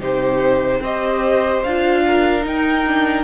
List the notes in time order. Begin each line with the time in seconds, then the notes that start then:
0.00 C3 D#4 G4 C5
0.80 C4 G4 C5 D#5
1.63 D4 F4 F5
2.07 A#4
2.42 D#4 G5
2.87 D4